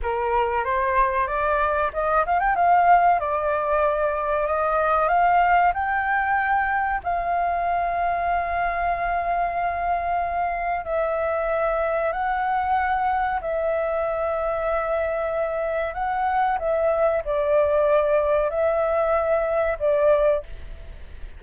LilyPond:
\new Staff \with { instrumentName = "flute" } { \time 4/4 \tempo 4 = 94 ais'4 c''4 d''4 dis''8 f''16 g''16 | f''4 d''2 dis''4 | f''4 g''2 f''4~ | f''1~ |
f''4 e''2 fis''4~ | fis''4 e''2.~ | e''4 fis''4 e''4 d''4~ | d''4 e''2 d''4 | }